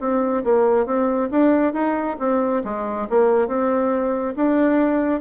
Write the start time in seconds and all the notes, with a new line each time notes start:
0.00 C4
0.44 A#3
0.86 C4
1.31 D4
1.74 D#4
2.19 C4
2.64 G#3
3.10 A#3
3.48 C4
4.36 D4